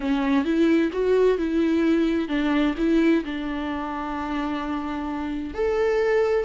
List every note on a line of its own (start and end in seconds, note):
0.00 0.44 C#4
0.44 0.90 E4
0.92 1.37 F#4
1.37 2.28 E4
2.28 2.74 D4
2.77 3.23 E4
3.24 5.54 D4
5.54 6.44 A4